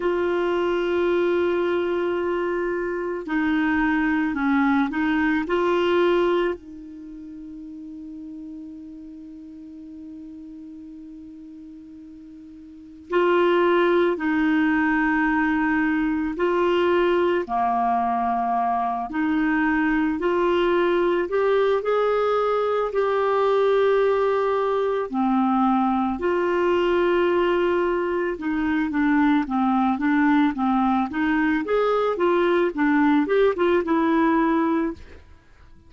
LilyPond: \new Staff \with { instrumentName = "clarinet" } { \time 4/4 \tempo 4 = 55 f'2. dis'4 | cis'8 dis'8 f'4 dis'2~ | dis'1 | f'4 dis'2 f'4 |
ais4. dis'4 f'4 g'8 | gis'4 g'2 c'4 | f'2 dis'8 d'8 c'8 d'8 | c'8 dis'8 gis'8 f'8 d'8 g'16 f'16 e'4 | }